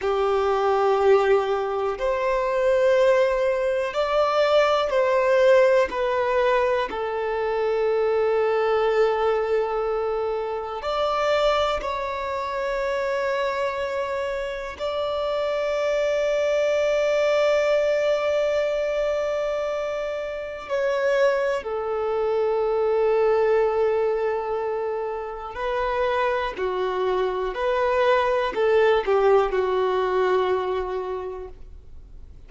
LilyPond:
\new Staff \with { instrumentName = "violin" } { \time 4/4 \tempo 4 = 61 g'2 c''2 | d''4 c''4 b'4 a'4~ | a'2. d''4 | cis''2. d''4~ |
d''1~ | d''4 cis''4 a'2~ | a'2 b'4 fis'4 | b'4 a'8 g'8 fis'2 | }